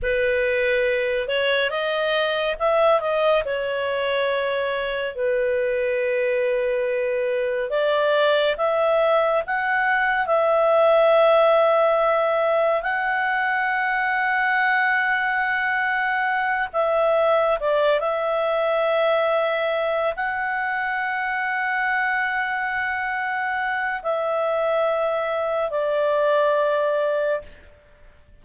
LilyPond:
\new Staff \with { instrumentName = "clarinet" } { \time 4/4 \tempo 4 = 70 b'4. cis''8 dis''4 e''8 dis''8 | cis''2 b'2~ | b'4 d''4 e''4 fis''4 | e''2. fis''4~ |
fis''2.~ fis''8 e''8~ | e''8 d''8 e''2~ e''8 fis''8~ | fis''1 | e''2 d''2 | }